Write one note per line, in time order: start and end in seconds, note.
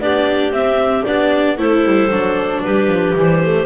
0.00 0.51 B3
0.00 0.52 D4
0.00 1.57 G4
0.00 0.53 D5
0.51 1.03 C4
0.51 1.05 C4
0.51 1.05 E5
1.05 1.58 B3
1.05 1.58 D4
1.05 1.58 D5
1.57 1.85 A3
1.57 2.10 E4
1.57 2.63 A4
1.57 2.63 C5
1.85 2.11 G3
2.11 2.64 F#3
2.11 3.16 D4
2.63 2.88 G3
2.63 3.66 G4
2.63 3.16 B4
2.88 3.14 F3
3.16 3.66 E3
3.16 3.43 G3
3.16 3.66 C5
3.43 3.66 A3